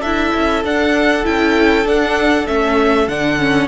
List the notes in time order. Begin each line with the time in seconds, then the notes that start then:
0.00 D4 E4 A4 E5
0.34 C#4
0.64 D4 F#5
1.24 C#4 E4 G5
1.85 D4 F#5
2.47 A3 C#4 E5
3.08 D3 D4 F#5
3.39 C#4